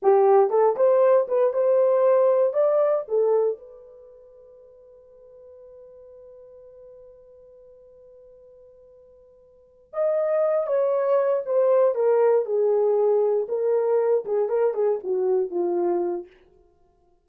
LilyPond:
\new Staff \with { instrumentName = "horn" } { \time 4/4 \tempo 4 = 118 g'4 a'8 c''4 b'8 c''4~ | c''4 d''4 a'4 b'4~ | b'1~ | b'1~ |
b'2.~ b'8 dis''8~ | dis''4 cis''4. c''4 ais'8~ | ais'8 gis'2 ais'4. | gis'8 ais'8 gis'8 fis'4 f'4. | }